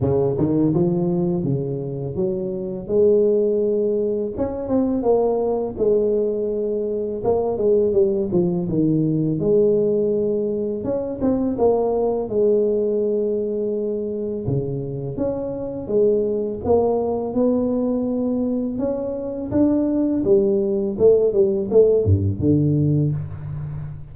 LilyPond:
\new Staff \with { instrumentName = "tuba" } { \time 4/4 \tempo 4 = 83 cis8 dis8 f4 cis4 fis4 | gis2 cis'8 c'8 ais4 | gis2 ais8 gis8 g8 f8 | dis4 gis2 cis'8 c'8 |
ais4 gis2. | cis4 cis'4 gis4 ais4 | b2 cis'4 d'4 | g4 a8 g8 a8 g,8 d4 | }